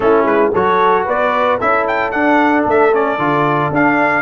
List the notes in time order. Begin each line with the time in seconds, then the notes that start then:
0.00 A3 C#4 E4 A4
0.24 G#3 B4
0.52 F#3 F#4 A4 C#5
1.05 B3 B4 D5
1.58 C#4 E4 A4 E5
1.87 G5
2.11 D4 F#5
2.65 A3 E5
2.92 C#4 D5
3.18 D3 F4
3.70 D4 F5